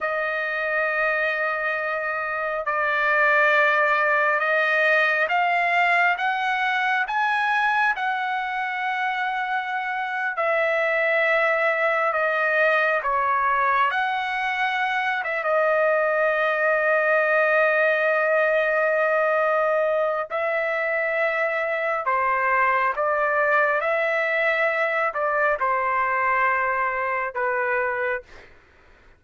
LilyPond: \new Staff \with { instrumentName = "trumpet" } { \time 4/4 \tempo 4 = 68 dis''2. d''4~ | d''4 dis''4 f''4 fis''4 | gis''4 fis''2~ fis''8. e''16~ | e''4.~ e''16 dis''4 cis''4 fis''16~ |
fis''4~ fis''16 e''16 dis''2~ dis''8~ | dis''2. e''4~ | e''4 c''4 d''4 e''4~ | e''8 d''8 c''2 b'4 | }